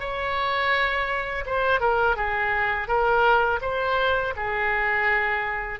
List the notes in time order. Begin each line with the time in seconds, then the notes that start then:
0.00 C#5
1.46 C5
1.80 A#4
2.16 G#4
2.88 A#4
3.61 C5
4.36 G#4